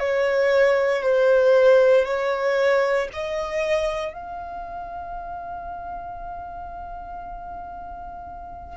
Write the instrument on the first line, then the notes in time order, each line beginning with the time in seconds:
violin
0.00 C#5
1.03 C5
2.05 C#5
3.13 D#5
4.13 F5